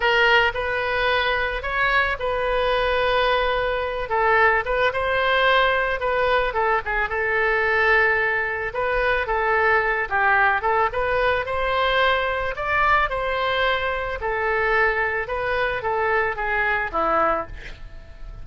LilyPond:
\new Staff \with { instrumentName = "oboe" } { \time 4/4 \tempo 4 = 110 ais'4 b'2 cis''4 | b'2.~ b'8 a'8~ | a'8 b'8 c''2 b'4 | a'8 gis'8 a'2. |
b'4 a'4. g'4 a'8 | b'4 c''2 d''4 | c''2 a'2 | b'4 a'4 gis'4 e'4 | }